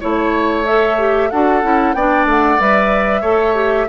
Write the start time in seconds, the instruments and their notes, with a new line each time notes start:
0.00 bassoon A3, clarinet E4, oboe C#5, flute C#5
0.66 clarinet A4, flute E5
0.98 clarinet G4
1.30 bassoon D4, clarinet F#4, oboe A4, flute F#5
1.62 bassoon C#4, clarinet E4
1.93 bassoon B3, clarinet D4, oboe D5, flute G5
2.25 bassoon A3, flute F#5
2.59 bassoon G3, clarinet B4, flute E5
3.21 bassoon A3, clarinet A4, oboe C#5
3.55 clarinet G4